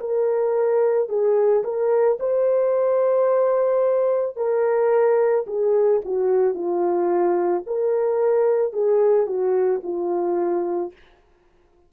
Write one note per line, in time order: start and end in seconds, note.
0.00 1.09 A#4
1.09 1.64 G#4
1.64 2.18 A#4
2.20 4.36 C5
4.36 5.45 A#4
5.47 6.01 G#4
6.05 6.55 F#4
6.55 7.64 F4
7.67 8.73 A#4
8.73 9.26 G#4
9.26 9.81 F#4
9.83 10.92 F4